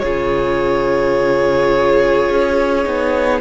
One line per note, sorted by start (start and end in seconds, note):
0.00 2.29 C#3
0.00 2.84 F4
0.00 3.42 G#4
0.00 3.40 C#5
2.30 2.86 C#4
2.84 3.42 B3
2.84 3.41 D#4